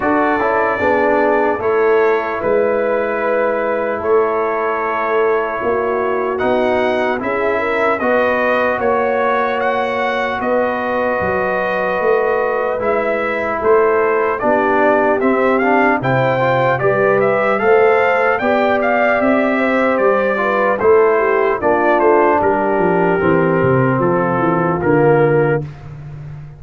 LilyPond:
<<
  \new Staff \with { instrumentName = "trumpet" } { \time 4/4 \tempo 4 = 75 d''2 cis''4 b'4~ | b'4 cis''2. | fis''4 e''4 dis''4 cis''4 | fis''4 dis''2. |
e''4 c''4 d''4 e''8 f''8 | g''4 d''8 e''8 f''4 g''8 f''8 | e''4 d''4 c''4 d''8 c''8 | ais'2 a'4 ais'4 | }
  \new Staff \with { instrumentName = "horn" } { \time 4/4 a'4 gis'4 a'4 b'4~ | b'4 a'2 fis'4~ | fis'4 gis'8 ais'8 b'4 cis''4~ | cis''4 b'2.~ |
b'4 a'4 g'2 | c''4 b'4 c''4 d''4~ | d''8 c''4 b'8 a'8 g'8 f'4 | g'2 f'2 | }
  \new Staff \with { instrumentName = "trombone" } { \time 4/4 fis'8 e'8 d'4 e'2~ | e'1 | dis'4 e'4 fis'2~ | fis'1 |
e'2 d'4 c'8 d'8 | e'8 f'8 g'4 a'4 g'4~ | g'4. f'8 e'4 d'4~ | d'4 c'2 ais4 | }
  \new Staff \with { instrumentName = "tuba" } { \time 4/4 d'8 cis'8 b4 a4 gis4~ | gis4 a2 ais4 | b4 cis'4 b4 ais4~ | ais4 b4 fis4 a4 |
gis4 a4 b4 c'4 | c4 g4 a4 b4 | c'4 g4 a4 ais8 a8 | g8 f8 e8 c8 f8 e8 d4 | }
>>